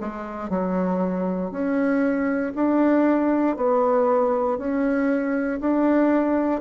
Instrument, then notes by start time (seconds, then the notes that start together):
bassoon
0.00 G#3
0.49 F#3
1.51 C#4
2.55 D4
3.56 B3
4.58 C#4
5.60 D4